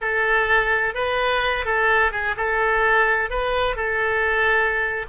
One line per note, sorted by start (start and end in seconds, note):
0.01 0.94 A4
0.94 1.65 B4
1.65 2.11 A4
2.11 2.35 G#4
2.36 3.30 A4
3.30 3.76 B4
3.76 5.06 A4